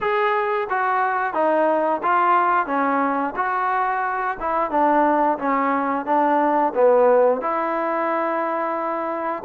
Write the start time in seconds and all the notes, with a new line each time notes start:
0.00 G#4
0.69 F#4
1.33 D#4
2.02 F4
2.66 C#4
3.36 F#4
4.40 E4
4.70 D4
5.38 C#4
6.05 D4
6.74 B3
7.41 E4